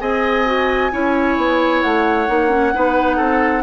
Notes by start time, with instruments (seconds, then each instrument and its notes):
0.00 bassoon C4, clarinet G#4, oboe D#5, flute G#5
0.45 clarinet F#4
0.92 bassoon C#4, clarinet E4, oboe C#5
1.37 bassoon B3
1.82 bassoon A3, flute F#5
2.27 bassoon A#3, clarinet D#4
2.49 clarinet C#4
2.74 bassoon B3, clarinet D#4, oboe B4
3.16 bassoon C4, oboe A4